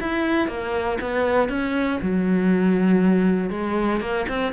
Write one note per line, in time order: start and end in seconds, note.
0.00 0.48 E4
0.48 0.98 A#3
1.01 1.49 B3
1.49 1.99 C#4
2.02 3.50 F#3
3.50 4.00 G#3
4.00 4.26 A#3
4.28 4.52 C4